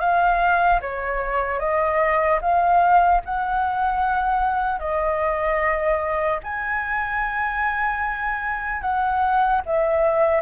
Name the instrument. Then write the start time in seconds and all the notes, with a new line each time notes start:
flute
0.00 F5
0.81 C#5
1.60 D#5
2.41 F5
3.25 F#5
4.80 D#5
6.43 G#5
8.81 F#5
9.66 E5